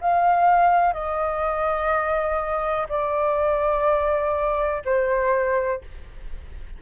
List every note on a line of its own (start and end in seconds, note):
0.00 0.93 F5
0.93 2.86 D#5
2.89 4.82 D5
4.84 5.81 C5